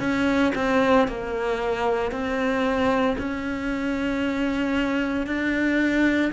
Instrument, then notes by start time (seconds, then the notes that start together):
cello
0.00 C#4
0.56 C4
1.08 A#3
2.11 C4
3.18 C#4
5.27 D4